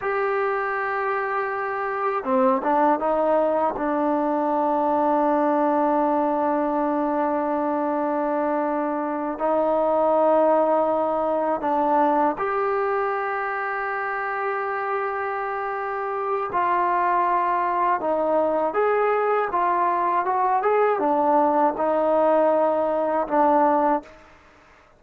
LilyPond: \new Staff \with { instrumentName = "trombone" } { \time 4/4 \tempo 4 = 80 g'2. c'8 d'8 | dis'4 d'2.~ | d'1~ | d'8 dis'2. d'8~ |
d'8 g'2.~ g'8~ | g'2 f'2 | dis'4 gis'4 f'4 fis'8 gis'8 | d'4 dis'2 d'4 | }